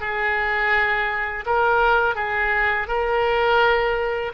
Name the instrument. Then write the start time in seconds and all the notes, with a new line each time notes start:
oboe
0.00 G#4
1.46 A#4
2.15 G#4
2.88 A#4